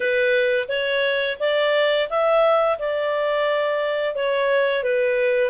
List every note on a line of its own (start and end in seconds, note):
0.00 0.67 B4
0.68 1.37 C#5
1.39 2.08 D5
2.09 2.78 E5
2.78 4.15 D5
4.15 4.83 C#5
4.83 5.50 B4